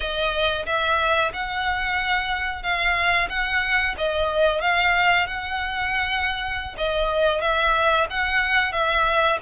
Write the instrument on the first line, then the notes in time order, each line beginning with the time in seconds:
violin
0.00 D#5
0.66 E5
1.33 F#5
2.62 F5
3.29 F#5
3.97 D#5
4.61 F5
5.27 F#5
6.77 D#5
7.41 E5
8.09 F#5
8.72 E5